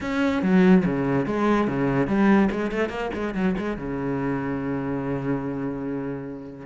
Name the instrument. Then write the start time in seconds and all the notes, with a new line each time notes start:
cello
0.00 C#4
0.42 F#3
0.85 C#3
1.26 G#3
1.67 C#3
2.07 G3
2.51 G#3
2.71 A3
2.89 A#3
3.13 G#3
3.34 F#3
3.58 G#3
3.77 C#3